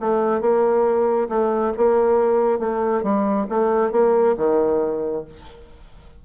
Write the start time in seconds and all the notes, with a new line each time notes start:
0.00 A3
0.41 A#3
1.29 A3
1.77 A#3
2.59 A3
3.03 G3
3.49 A3
3.92 A#3
4.38 D#3